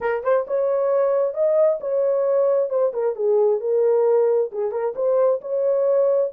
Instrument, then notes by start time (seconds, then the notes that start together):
horn
0.00 A#4
0.23 C5
0.47 C#5
1.34 D#5
1.80 C#5
2.69 C5
2.93 A#4
3.15 G#4
3.60 A#4
4.52 G#4
4.71 A#4
4.95 C5
5.41 C#5